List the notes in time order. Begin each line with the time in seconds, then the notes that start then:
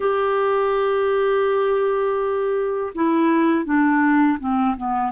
0.00 G4
2.94 E4
3.65 D4
4.39 C4
4.76 B3